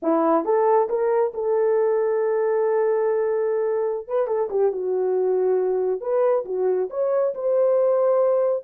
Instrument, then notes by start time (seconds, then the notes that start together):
horn
0.02 E4
0.44 A4
0.89 A#4
1.34 A4
4.07 B4
4.27 A4
4.50 G4
4.72 F#4
6.01 B4
6.45 F#4
6.90 C#5
7.34 C5